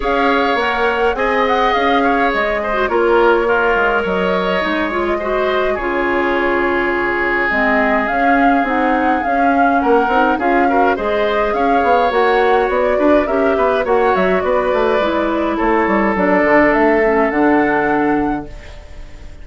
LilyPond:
<<
  \new Staff \with { instrumentName = "flute" } { \time 4/4 \tempo 4 = 104 f''4 fis''4 gis''8 fis''8 f''4 | dis''4 cis''2 dis''4~ | dis''8 cis''16 dis''4~ dis''16 cis''2~ | cis''4 dis''4 f''4 fis''4 |
f''4 fis''4 f''4 dis''4 | f''4 fis''4 d''4 e''4 | fis''8 e''8 d''2 cis''4 | d''4 e''4 fis''2 | }
  \new Staff \with { instrumentName = "oboe" } { \time 4/4 cis''2 dis''4. cis''8~ | cis''8 c''8 ais'4 f'4 cis''4~ | cis''4 c''4 gis'2~ | gis'1~ |
gis'4 ais'4 gis'8 ais'8 c''4 | cis''2~ cis''8 b'8 ais'8 b'8 | cis''4 b'2 a'4~ | a'1 | }
  \new Staff \with { instrumentName = "clarinet" } { \time 4/4 gis'4 ais'4 gis'2~ | gis'8. fis'16 f'4 ais'2 | dis'8 f'8 fis'4 f'2~ | f'4 c'4 cis'4 dis'4 |
cis'4. dis'8 f'8 fis'8 gis'4~ | gis'4 fis'2 g'4 | fis'2 e'2 | d'4. cis'8 d'2 | }
  \new Staff \with { instrumentName = "bassoon" } { \time 4/4 cis'4 ais4 c'4 cis'4 | gis4 ais4. gis8 fis4 | gis2 cis2~ | cis4 gis4 cis'4 c'4 |
cis'4 ais8 c'8 cis'4 gis4 | cis'8 b8 ais4 b8 d'8 cis'8 b8 | ais8 fis8 b8 a8 gis4 a8 g8 | fis8 d8 a4 d2 | }
>>